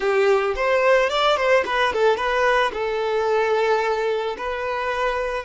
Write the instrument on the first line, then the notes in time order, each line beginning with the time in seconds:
violin
0.00 G4
0.55 C5
1.09 D5
1.36 C5
1.65 B4
1.93 A4
2.17 B4
2.72 A4
4.37 B4